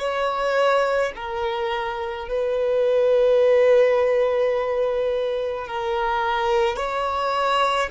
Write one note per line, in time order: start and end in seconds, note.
0.00 1.13 C#5
1.16 2.29 A#4
2.29 5.68 B4
5.68 6.77 A#4
6.77 7.90 C#5